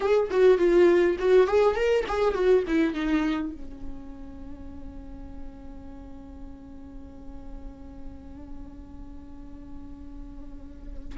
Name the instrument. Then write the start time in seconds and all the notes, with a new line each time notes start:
viola
0.00 G#4
0.30 F#4
0.58 F4
1.18 F#4
1.47 G#4
1.75 A#4
2.07 G#4
2.34 F#4
2.67 E4
2.94 D#4
3.53 C#4